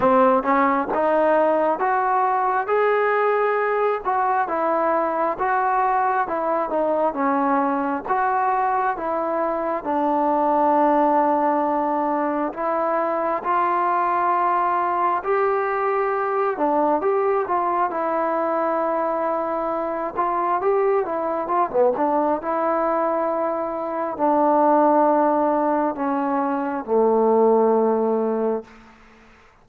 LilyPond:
\new Staff \with { instrumentName = "trombone" } { \time 4/4 \tempo 4 = 67 c'8 cis'8 dis'4 fis'4 gis'4~ | gis'8 fis'8 e'4 fis'4 e'8 dis'8 | cis'4 fis'4 e'4 d'4~ | d'2 e'4 f'4~ |
f'4 g'4. d'8 g'8 f'8 | e'2~ e'8 f'8 g'8 e'8 | f'16 b16 d'8 e'2 d'4~ | d'4 cis'4 a2 | }